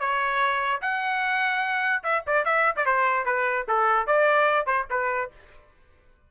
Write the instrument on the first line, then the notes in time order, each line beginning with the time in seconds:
trumpet
0.00 C#5
0.82 F#5
2.04 E5
2.27 D5
2.45 E5
2.76 D5
2.86 C5
3.26 B4
3.68 A4
4.07 D5
4.67 C5
4.91 B4